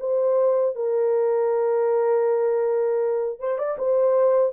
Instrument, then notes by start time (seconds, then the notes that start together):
horn
0.00 C5
0.76 A#4
3.39 C5
3.58 D5
3.78 C5